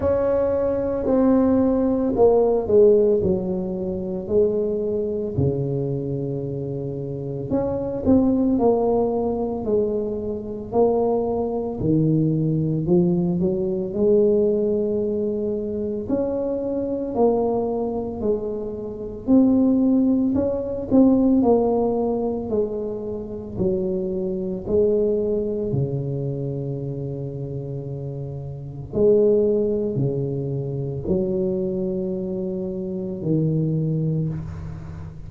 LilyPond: \new Staff \with { instrumentName = "tuba" } { \time 4/4 \tempo 4 = 56 cis'4 c'4 ais8 gis8 fis4 | gis4 cis2 cis'8 c'8 | ais4 gis4 ais4 dis4 | f8 fis8 gis2 cis'4 |
ais4 gis4 c'4 cis'8 c'8 | ais4 gis4 fis4 gis4 | cis2. gis4 | cis4 fis2 dis4 | }